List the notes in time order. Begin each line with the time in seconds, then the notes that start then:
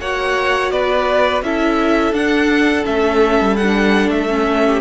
0.00 A#3 F#4 C#5 F#5
0.71 B3 B4 D5
1.42 C#4 E4 A4 E5
2.12 D4 F#5
2.85 A3 C#4 E5
3.40 G3
3.56 D4 F#5
4.10 A3 E5
4.29 C#4
4.65 G4